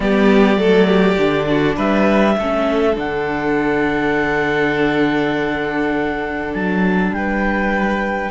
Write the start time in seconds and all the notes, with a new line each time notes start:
0.00 G3 B3 G4 D5
0.57 F#3 A3 A4
0.86 G4
1.17 D3 D4
1.49 F#4
1.75 G3 B4 E5
2.37 A3 C#4 A4
2.94 D3 D4 F#5
6.53 F#3 A5
7.10 G3 B4 G5